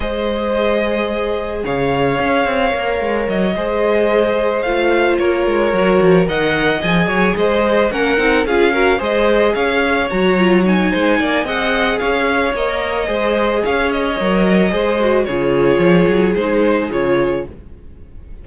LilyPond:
<<
  \new Staff \with { instrumentName = "violin" } { \time 4/4 \tempo 4 = 110 dis''2. f''4~ | f''2 dis''2~ | dis''8 f''4 cis''2 fis''8~ | fis''8 gis''4 dis''4 fis''4 f''8~ |
f''8 dis''4 f''4 ais''4 gis''8~ | gis''4 fis''4 f''4 dis''4~ | dis''4 f''8 dis''2~ dis''8 | cis''2 c''4 cis''4 | }
  \new Staff \with { instrumentName = "violin" } { \time 4/4 c''2. cis''4~ | cis''2~ cis''8 c''4.~ | c''4. ais'2 dis''8~ | dis''4 cis''8 c''4 ais'4 gis'8 |
ais'8 c''4 cis''2~ cis''8 | c''8 d''8 dis''4 cis''2 | c''4 cis''2 c''4 | gis'1 | }
  \new Staff \with { instrumentName = "viola" } { \time 4/4 gis'1~ | gis'4 ais'4. gis'4.~ | gis'8 f'2 fis'4 ais'8~ | ais'8 gis'2 cis'8 dis'8 f'8 |
fis'8 gis'2 fis'8 f'8 dis'8~ | dis'4 gis'2 ais'4 | gis'2 ais'4 gis'8 fis'8 | f'2 dis'4 f'4 | }
  \new Staff \with { instrumentName = "cello" } { \time 4/4 gis2. cis4 | cis'8 c'8 ais8 gis8 fis8 gis4.~ | gis8 a4 ais8 gis8 fis8 f8 dis8~ | dis8 f8 fis8 gis4 ais8 c'8 cis'8~ |
cis'8 gis4 cis'4 fis4. | gis8 ais8 c'4 cis'4 ais4 | gis4 cis'4 fis4 gis4 | cis4 f8 fis8 gis4 cis4 | }
>>